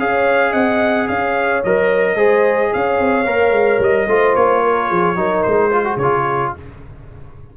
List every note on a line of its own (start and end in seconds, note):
0.00 0.54 C#4
0.00 1.64 G#4
0.00 0.51 C#5
0.00 0.53 F5
0.51 1.09 C4
0.51 1.05 D#5
0.51 1.08 F#5
1.08 1.64 C#4
1.08 2.17 C#5
1.08 1.63 F5
1.64 2.15 F#3
1.64 2.17 A#4
1.64 2.73 D#5
2.15 2.70 G#3
2.15 3.26 G#4
2.15 2.71 C5
2.72 3.00 C#4
2.72 4.09 C#5
2.72 3.82 F5
3.00 3.27 C4
3.26 3.52 A#3
3.26 4.08 A#4
3.52 3.79 G#3
3.80 4.07 G3
3.80 4.36 D#5
4.07 4.34 A3
4.07 5.16 F4
4.07 4.63 C5
4.36 4.91 A#3
4.36 5.43 C#5
4.63 4.89 A#4
4.89 5.16 F3
4.89 5.17 G#4
5.16 5.43 F#3
5.16 5.71 D#4
5.16 5.71 A#4
5.43 5.97 G#3
5.43 5.98 C5
5.71 5.85 F4
5.71 6.52 G#4
5.85 5.98 F#4
5.97 6.51 C#3
5.97 6.53 C#5
6.03 6.57 F4